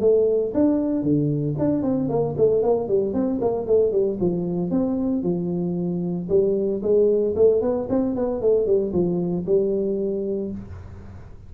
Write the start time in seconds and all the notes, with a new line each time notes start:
0.00 A3
0.54 D4
1.02 D3
1.58 D4
1.82 C4
2.09 A#3
2.37 A3
2.63 A#3
2.88 G3
3.13 C4
3.41 A#3
3.67 A3
3.92 G3
4.20 F3
4.71 C4
5.23 F3
6.29 G3
6.82 G#3
7.36 A3
7.61 B3
7.89 C4
8.15 B3
8.41 A3
8.66 G3
8.93 F3
9.46 G3